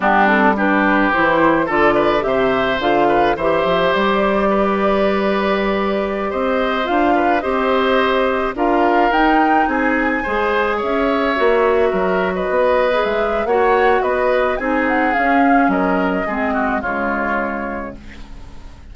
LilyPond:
<<
  \new Staff \with { instrumentName = "flute" } { \time 4/4 \tempo 4 = 107 g'8 a'8 b'4 c''4 d''4 | e''4 f''4 e''4 d''4~ | d''2.~ d''16 dis''8.~ | dis''16 f''4 dis''2 f''8.~ |
f''16 g''4 gis''2 e''8.~ | e''2 dis''4~ dis''16 e''8. | fis''4 dis''4 gis''8 fis''8 f''4 | dis''2 cis''2 | }
  \new Staff \with { instrumentName = "oboe" } { \time 4/4 d'4 g'2 a'8 b'8 | c''4. b'8 c''2 | b'2.~ b'16 c''8.~ | c''8. b'8 c''2 ais'8.~ |
ais'4~ ais'16 gis'4 c''4 cis''8.~ | cis''4~ cis''16 ais'8. b'2 | cis''4 b'4 gis'2 | ais'4 gis'8 fis'8 f'2 | }
  \new Staff \with { instrumentName = "clarinet" } { \time 4/4 b8 c'8 d'4 e'4 f'4 | g'4 f'4 g'2~ | g'1~ | g'16 f'4 g'2 f'8.~ |
f'16 dis'2 gis'4.~ gis'16~ | gis'16 fis'2~ fis'8. gis'4 | fis'2 dis'4 cis'4~ | cis'4 c'4 gis2 | }
  \new Staff \with { instrumentName = "bassoon" } { \time 4/4 g2 e4 d4 | c4 d4 e8 f8 g4~ | g2.~ g16 c'8.~ | c'16 d'4 c'2 d'8.~ |
d'16 dis'4 c'4 gis4 cis'8.~ | cis'16 ais4 fis4 b4 gis8. | ais4 b4 c'4 cis'4 | fis4 gis4 cis2 | }
>>